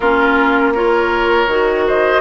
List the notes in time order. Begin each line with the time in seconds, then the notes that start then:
0.00 A#3 C#4 F4 A#4
0.73 F4 A#4 C#5
1.47 D#3 F#4
1.87 C5 D#5